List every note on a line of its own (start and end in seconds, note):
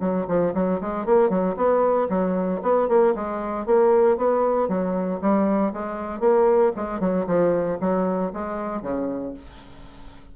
0.00 0.26 F#3
0.28 0.53 F3
0.54 0.80 F#3
0.81 1.06 G#3
1.06 1.30 A#3
1.30 1.56 F#3
1.56 2.08 B3
2.09 2.61 F#3
2.63 2.88 B3
2.88 3.14 A#3
3.15 3.66 G#3
3.66 4.17 A#3
4.17 4.69 B3
4.69 5.20 F#3
5.21 5.73 G3
5.73 6.20 G#3
6.20 6.72 A#3
6.76 7.00 G#3
7.00 7.26 F#3
7.27 7.78 F3
7.81 8.32 F#3
8.33 8.82 G#3
8.82 9.34 C#3